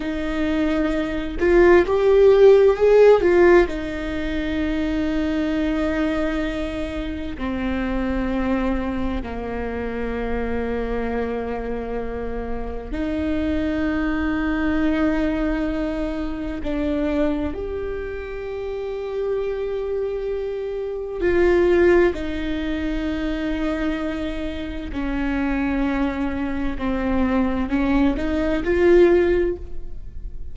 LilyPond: \new Staff \with { instrumentName = "viola" } { \time 4/4 \tempo 4 = 65 dis'4. f'8 g'4 gis'8 f'8 | dis'1 | c'2 ais2~ | ais2 dis'2~ |
dis'2 d'4 g'4~ | g'2. f'4 | dis'2. cis'4~ | cis'4 c'4 cis'8 dis'8 f'4 | }